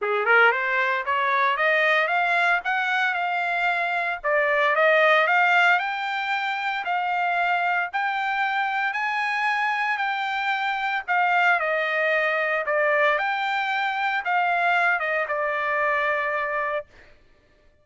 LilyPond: \new Staff \with { instrumentName = "trumpet" } { \time 4/4 \tempo 4 = 114 gis'8 ais'8 c''4 cis''4 dis''4 | f''4 fis''4 f''2 | d''4 dis''4 f''4 g''4~ | g''4 f''2 g''4~ |
g''4 gis''2 g''4~ | g''4 f''4 dis''2 | d''4 g''2 f''4~ | f''8 dis''8 d''2. | }